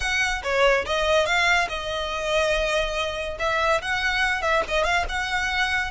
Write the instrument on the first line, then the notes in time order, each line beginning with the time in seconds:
violin
0.00 F#5
0.43 C#5
0.85 D#5
1.26 F5
1.68 D#5
3.39 E5
3.81 F#5
4.42 E5
4.68 D#5
4.84 F5
5.08 F#5